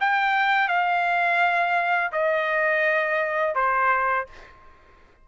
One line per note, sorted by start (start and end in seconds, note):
0.00 0.68 G5
0.68 2.11 F5
2.12 3.55 D#5
3.55 4.26 C5